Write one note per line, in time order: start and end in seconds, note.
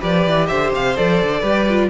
0.00 0.26 F3
0.00 0.96 G4
0.00 0.48 B4
0.00 0.47 D5
0.26 0.50 E3
0.47 0.73 D3
0.47 1.41 C5
0.47 0.70 E5
0.73 0.97 C3
0.73 0.96 F5
0.96 1.22 F3
0.96 1.43 A4
0.96 1.90 D5
1.23 1.42 D3
1.41 1.90 G3
1.41 1.67 G4
1.41 1.88 B4
1.70 1.90 F4